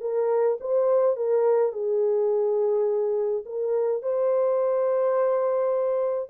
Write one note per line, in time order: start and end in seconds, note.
0.00 0.57 A#4
0.60 1.16 C5
1.16 1.72 A#4
1.72 3.44 G#4
3.45 4.02 A#4
4.02 6.29 C5